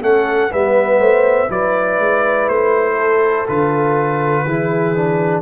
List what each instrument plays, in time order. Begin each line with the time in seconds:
0.00 tuba A3, trombone C#4, horn A4, trumpet F#5
0.51 tuba G3, trombone B3, horn B4, trumpet E5
0.99 tuba A3, horn C5
1.49 tuba F#3, trombone E4, horn B4, trumpet D5
1.99 tuba G#3
2.48 tuba A3, trumpet C5
2.95 horn A4
3.48 tuba D3, trombone F4, trumpet B4
4.45 tuba E3, trombone E4, horn G#4
4.96 trombone D4